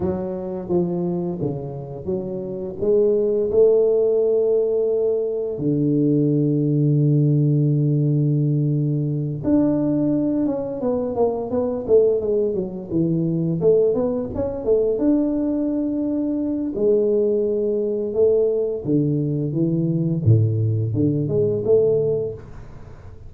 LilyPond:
\new Staff \with { instrumentName = "tuba" } { \time 4/4 \tempo 4 = 86 fis4 f4 cis4 fis4 | gis4 a2. | d1~ | d4. d'4. cis'8 b8 |
ais8 b8 a8 gis8 fis8 e4 a8 | b8 cis'8 a8 d'2~ d'8 | gis2 a4 d4 | e4 a,4 d8 gis8 a4 | }